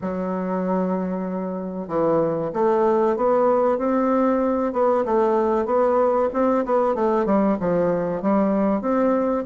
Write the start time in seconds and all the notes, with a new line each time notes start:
0.01 F#3
1.87 E3
2.53 A3
3.16 B3
3.78 C4
4.72 B3
5.05 A3
5.65 B3
6.33 C4
6.65 B3
6.94 A3
7.25 G3
7.60 F3
8.21 G3
8.81 C4